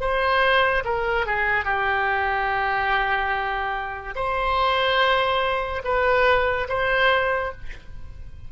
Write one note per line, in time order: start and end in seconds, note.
0.00 0.83 C5
0.84 1.26 A#4
1.26 1.64 G#4
1.64 4.14 G4
4.16 5.82 C5
5.84 6.67 B4
6.69 7.52 C5